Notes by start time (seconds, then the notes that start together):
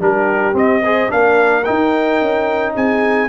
0.00 G3 D4 G4 A#4
0.53 C4 D#5
0.84 G#4 C5
1.09 A#3 D4 A#4 F5
1.64 D#4 G5
2.21 C#4
2.75 C4 G#4 G#5